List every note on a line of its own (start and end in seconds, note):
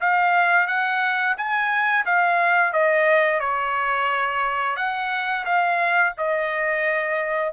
0.00 0.67 F5
0.67 1.35 F#5
1.37 2.05 G#5
2.05 2.72 F5
2.72 3.39 D#5
3.39 4.76 C#5
4.76 5.44 F#5
5.45 6.13 F5
6.17 7.53 D#5